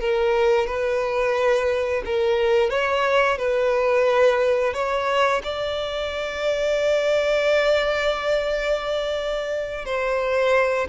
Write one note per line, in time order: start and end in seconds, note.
0.00 0.67 A#4
0.67 2.03 B4
2.05 2.70 A#4
2.70 3.38 C#5
3.38 4.74 B4
4.74 5.42 C#5
5.44 9.85 D5
9.85 10.87 C5